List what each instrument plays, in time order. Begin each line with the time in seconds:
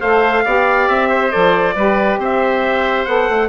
0.00 bassoon A3, saxophone A4, oboe C5, trumpet F5
0.44 bassoon B3, saxophone G4, oboe D5
0.88 bassoon C4, trumpet E5
1.09 oboe C5
1.30 bassoon F3, saxophone A4, trumpet D5
1.75 bassoon G3, saxophone G4, oboe B4
2.18 bassoon C4, oboe C5, trumpet E5
3.05 bassoon B3, saxophone A4, trumpet F#5
3.29 bassoon A3